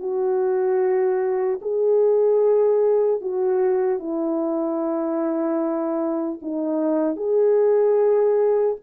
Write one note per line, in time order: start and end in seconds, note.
0.00 1.60 F#4
1.62 3.21 G#4
3.21 4.00 F#4
4.00 6.40 E4
6.42 7.17 D#4
7.17 8.77 G#4